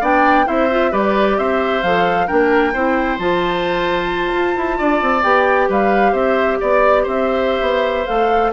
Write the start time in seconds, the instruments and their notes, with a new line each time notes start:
0.00 bassoon B3, clarinet D4, oboe D5, flute G5
0.45 bassoon C4, clarinet E4, oboe C5, flute E5
0.70 clarinet F4
0.91 bassoon G3, clarinet G4, oboe B4, flute D5
1.38 bassoon C4, oboe C5, flute E5
1.82 bassoon F3, clarinet A4, flute F5
2.27 bassoon A#3, clarinet D4, oboe A#4, flute G5
2.73 bassoon C4, clarinet E4, oboe C5
3.18 bassoon F3, clarinet F4, flute A5
4.32 bassoon F4
4.56 bassoon E4
4.77 bassoon D4, oboe D5
5.01 bassoon C4
5.23 bassoon B3, clarinet G4, flute G5
5.68 bassoon G3, oboe B4, flute F5
6.12 bassoon C4, oboe C5, flute E5
6.60 bassoon B3, oboe D5, flute D5
7.03 bassoon C4, oboe C5, flute E5
7.61 bassoon B3
8.06 bassoon A3, clarinet A4, flute F5